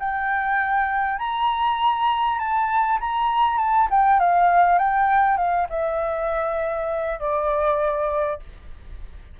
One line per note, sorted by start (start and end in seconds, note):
0.00 1.19 G5
1.19 2.39 A#5
2.39 2.99 A5
3.01 3.58 A#5
3.58 3.88 A5
3.91 4.20 G5
4.20 4.79 F5
4.79 5.38 G5
5.38 5.68 F5
5.70 7.20 E5
7.20 8.40 D5